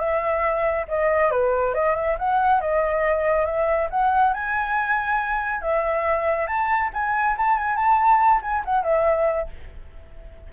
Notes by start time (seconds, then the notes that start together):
0.00 E5
0.88 D#5
1.31 B4
1.75 D#5
1.96 E5
2.19 F#5
2.61 D#5
3.46 E5
3.91 F#5
4.34 G#5
5.62 E5
6.47 A5
6.94 G#5
7.38 A5
7.58 G#5
7.77 A5
8.43 G#5
8.65 F#5
8.84 E5